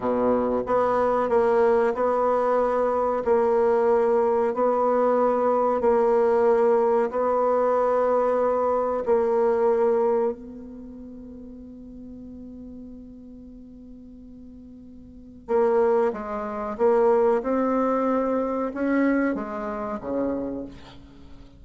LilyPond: \new Staff \with { instrumentName = "bassoon" } { \time 4/4 \tempo 4 = 93 b,4 b4 ais4 b4~ | b4 ais2 b4~ | b4 ais2 b4~ | b2 ais2 |
b1~ | b1 | ais4 gis4 ais4 c'4~ | c'4 cis'4 gis4 cis4 | }